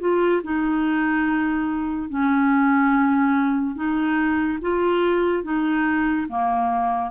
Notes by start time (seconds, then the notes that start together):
0.00 F4
0.44 D#4
2.09 C#4
3.75 D#4
4.62 F4
5.44 D#4
6.29 A#3